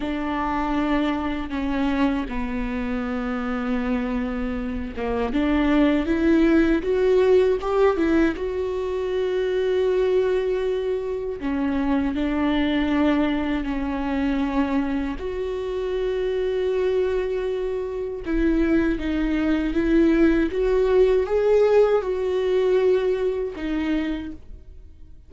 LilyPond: \new Staff \with { instrumentName = "viola" } { \time 4/4 \tempo 4 = 79 d'2 cis'4 b4~ | b2~ b8 ais8 d'4 | e'4 fis'4 g'8 e'8 fis'4~ | fis'2. cis'4 |
d'2 cis'2 | fis'1 | e'4 dis'4 e'4 fis'4 | gis'4 fis'2 dis'4 | }